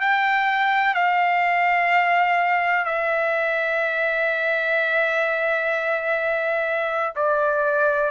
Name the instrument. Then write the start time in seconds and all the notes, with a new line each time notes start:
trumpet
0.00 G5
0.94 F5
2.85 E5
7.16 D5